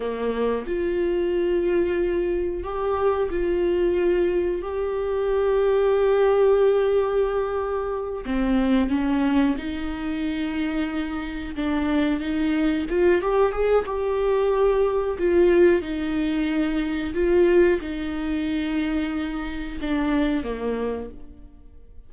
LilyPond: \new Staff \with { instrumentName = "viola" } { \time 4/4 \tempo 4 = 91 ais4 f'2. | g'4 f'2 g'4~ | g'1~ | g'8 c'4 cis'4 dis'4.~ |
dis'4. d'4 dis'4 f'8 | g'8 gis'8 g'2 f'4 | dis'2 f'4 dis'4~ | dis'2 d'4 ais4 | }